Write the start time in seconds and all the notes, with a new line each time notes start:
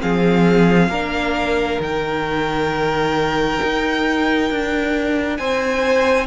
0.00 F3 C4 G#4 F5
0.88 A#3 D4 A#4
1.79 D#3 D#4 G5
3.63 D#4
4.50 D4
5.37 C4 C5 G#5